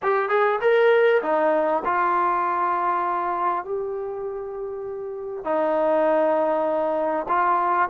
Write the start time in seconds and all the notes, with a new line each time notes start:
0.02 G4
0.29 G#4
0.61 A#4
1.22 D#4
1.84 F4
3.64 G4
5.44 D#4
7.28 F4